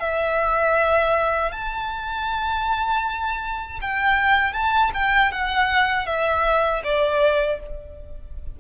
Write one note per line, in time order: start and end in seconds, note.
0.00 1.52 E5
1.52 3.80 A5
3.81 4.53 G5
4.53 4.91 A5
4.94 5.32 G5
5.32 6.06 F#5
6.06 6.82 E5
6.84 7.60 D5